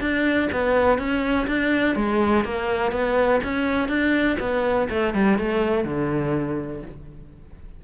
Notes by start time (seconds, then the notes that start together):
0.00 D4
0.51 B3
0.98 C#4
1.47 D4
1.95 G#3
2.44 A#3
2.91 B3
3.43 C#4
3.88 D4
4.39 B3
4.89 A3
5.14 G3
5.38 A3
5.84 D3